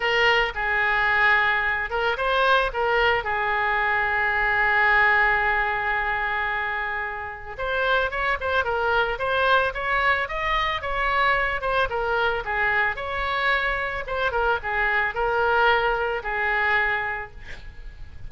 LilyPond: \new Staff \with { instrumentName = "oboe" } { \time 4/4 \tempo 4 = 111 ais'4 gis'2~ gis'8 ais'8 | c''4 ais'4 gis'2~ | gis'1~ | gis'2 c''4 cis''8 c''8 |
ais'4 c''4 cis''4 dis''4 | cis''4. c''8 ais'4 gis'4 | cis''2 c''8 ais'8 gis'4 | ais'2 gis'2 | }